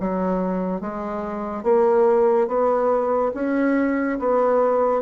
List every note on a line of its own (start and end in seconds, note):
0.00 0.81 F#3
0.81 1.63 G#3
1.63 2.47 A#3
2.47 3.32 B3
3.34 4.19 C#4
4.19 5.02 B3